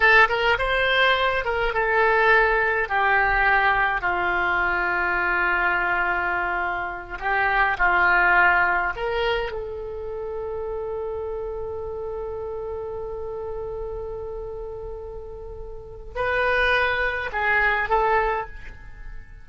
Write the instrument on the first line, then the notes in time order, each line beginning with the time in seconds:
oboe
0.00 A4
0.29 A#4
0.58 C5
1.44 A#4
1.73 A4
2.88 G4
4.01 F4
7.19 G4
7.77 F4
8.96 A#4
9.51 A4
16.15 B4
17.32 G#4
17.89 A4